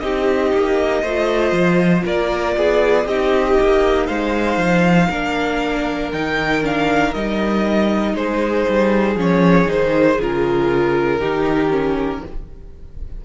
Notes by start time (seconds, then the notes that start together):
0.00 C4 D#4 G4 D#5
0.54 A#3
1.02 A3 F4 C5
1.52 F3
2.05 A#3 A#4 D5
2.56 B3 G#4
3.05 C4 D#4 G4 D#5
3.60 A#3
4.06 G#3 C5 F5
4.57 F3
5.10 A#3 D4 A#4
6.12 D#3 D#4 G5
6.62 D4 F5
7.14 G3 D#4 D#5
8.14 G#3 G#4 C5
8.69 G3
9.15 F3 C#4 C#5
9.67 D#3 D#4 C5
10.19 C#3 F4 A#4
11.19 D#3 D#4 G4
11.70 C#4